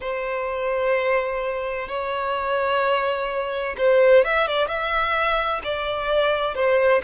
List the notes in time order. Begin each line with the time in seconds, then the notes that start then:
0.00 C5
1.88 C#5
3.77 C5
4.24 E5
4.47 D5
4.67 E5
5.63 D5
6.55 C5